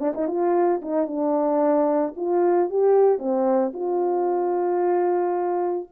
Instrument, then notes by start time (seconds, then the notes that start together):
horn
0.00 D4
0.15 D#4
0.28 F4
0.82 D#4
1.07 D4
2.16 F4
2.70 G4
3.19 C4
3.74 F4